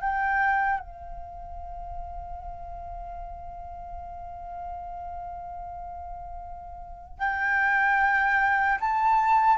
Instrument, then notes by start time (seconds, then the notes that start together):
flute
0.00 G5
0.79 F5
7.19 G5
8.80 A5